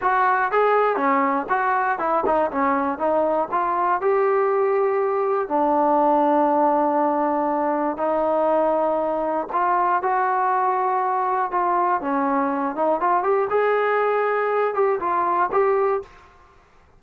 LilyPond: \new Staff \with { instrumentName = "trombone" } { \time 4/4 \tempo 4 = 120 fis'4 gis'4 cis'4 fis'4 | e'8 dis'8 cis'4 dis'4 f'4 | g'2. d'4~ | d'1 |
dis'2. f'4 | fis'2. f'4 | cis'4. dis'8 f'8 g'8 gis'4~ | gis'4. g'8 f'4 g'4 | }